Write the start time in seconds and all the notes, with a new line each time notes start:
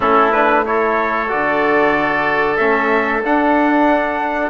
0.00 A3 C#4 E4 A4
0.31 D4 B4
0.65 E4 A4 C#5
1.28 D3 F#4 D5
2.57 A3 C#4 E5
3.24 D4 F#5